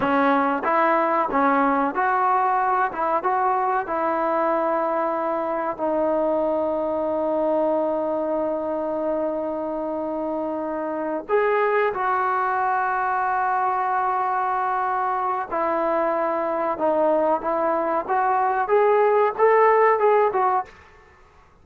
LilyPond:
\new Staff \with { instrumentName = "trombone" } { \time 4/4 \tempo 4 = 93 cis'4 e'4 cis'4 fis'4~ | fis'8 e'8 fis'4 e'2~ | e'4 dis'2.~ | dis'1~ |
dis'4. gis'4 fis'4.~ | fis'1 | e'2 dis'4 e'4 | fis'4 gis'4 a'4 gis'8 fis'8 | }